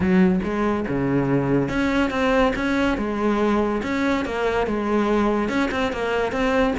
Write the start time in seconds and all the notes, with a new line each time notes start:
0.00 F#3
0.43 G#3
0.87 C#3
1.69 C#4
2.10 C4
2.55 C#4
2.97 G#3
3.82 C#4
4.25 A#3
4.66 G#3
5.48 C#4
5.71 C4
5.92 A#3
6.31 C4